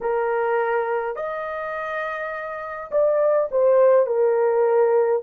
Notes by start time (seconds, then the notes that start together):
0.00 A#4
1.16 D#5
2.91 D5
3.51 C5
4.06 A#4